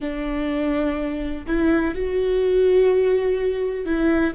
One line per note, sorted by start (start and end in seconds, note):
0.00 1.46 D4
1.46 1.94 E4
1.94 3.85 F#4
3.85 4.33 E4